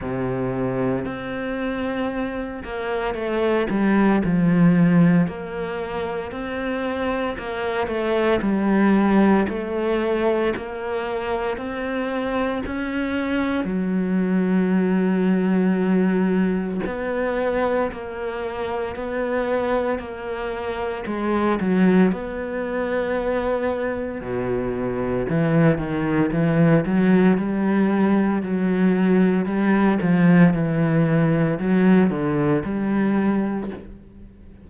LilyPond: \new Staff \with { instrumentName = "cello" } { \time 4/4 \tempo 4 = 57 c4 c'4. ais8 a8 g8 | f4 ais4 c'4 ais8 a8 | g4 a4 ais4 c'4 | cis'4 fis2. |
b4 ais4 b4 ais4 | gis8 fis8 b2 b,4 | e8 dis8 e8 fis8 g4 fis4 | g8 f8 e4 fis8 d8 g4 | }